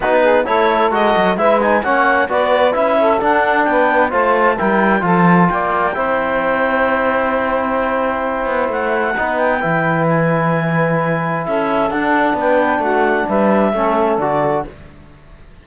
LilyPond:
<<
  \new Staff \with { instrumentName = "clarinet" } { \time 4/4 \tempo 4 = 131 b'4 cis''4 dis''4 e''8 gis''8 | fis''4 d''4 e''4 fis''4 | g''4 a''4 g''4 a''4 | g''1~ |
g''2. fis''4~ | fis''8 g''4. gis''2~ | gis''4 e''4 fis''4 g''4 | fis''4 e''2 d''4 | }
  \new Staff \with { instrumentName = "saxophone" } { \time 4/4 fis'8 gis'8 a'2 b'4 | cis''4 b'4. a'4. | b'4 c''4 ais'4 a'4 | d''4 c''2.~ |
c''1 | b'1~ | b'4 a'2 b'4 | fis'4 b'4 a'2 | }
  \new Staff \with { instrumentName = "trombone" } { \time 4/4 dis'4 e'4 fis'4 e'8 dis'8 | cis'4 fis'4 e'4 d'4~ | d'4 f'4 e'4 f'4~ | f'4 e'2.~ |
e'1 | dis'4 e'2.~ | e'2 d'2~ | d'2 cis'4 fis'4 | }
  \new Staff \with { instrumentName = "cello" } { \time 4/4 b4 a4 gis8 fis8 gis4 | ais4 b4 cis'4 d'4 | b4 a4 g4 f4 | ais4 c'2.~ |
c'2~ c'8 b8 a4 | b4 e2.~ | e4 cis'4 d'4 b4 | a4 g4 a4 d4 | }
>>